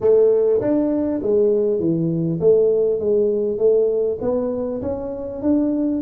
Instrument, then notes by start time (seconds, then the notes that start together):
tuba
0.00 A3
0.61 D4
1.22 G#3
1.79 E3
2.40 A3
2.99 G#3
3.58 A3
4.21 B3
4.82 C#4
5.41 D4